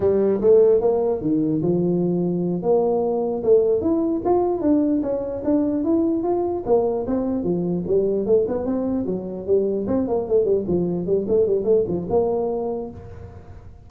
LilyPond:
\new Staff \with { instrumentName = "tuba" } { \time 4/4 \tempo 4 = 149 g4 a4 ais4 dis4 | f2~ f8 ais4.~ | ais8 a4 e'4 f'4 d'8~ | d'8 cis'4 d'4 e'4 f'8~ |
f'8 ais4 c'4 f4 g8~ | g8 a8 b8 c'4 fis4 g8~ | g8 c'8 ais8 a8 g8 f4 g8 | a8 g8 a8 f8 ais2 | }